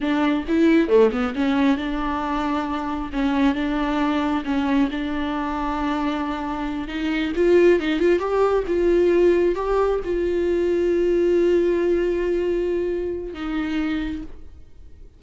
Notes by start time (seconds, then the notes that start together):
0.00 D4
0.48 E4
0.88 A3
1.11 B3
1.35 C#4
1.77 D4
3.12 C#4
3.54 D4
4.44 C#4
4.91 D4
6.87 D#4
7.35 F4
7.80 D#4
7.99 F4
8.19 G4
8.67 F4
9.55 G4
10.04 F4
13.33 D#4